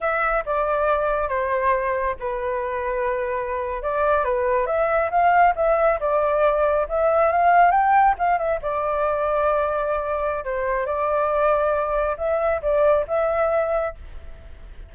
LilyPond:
\new Staff \with { instrumentName = "flute" } { \time 4/4 \tempo 4 = 138 e''4 d''2 c''4~ | c''4 b'2.~ | b'8. d''4 b'4 e''4 f''16~ | f''8. e''4 d''2 e''16~ |
e''8. f''4 g''4 f''8 e''8 d''16~ | d''1 | c''4 d''2. | e''4 d''4 e''2 | }